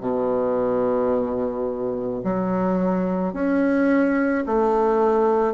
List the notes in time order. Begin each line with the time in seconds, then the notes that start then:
0.00 B2
2.24 F#3
3.33 C#4
4.46 A3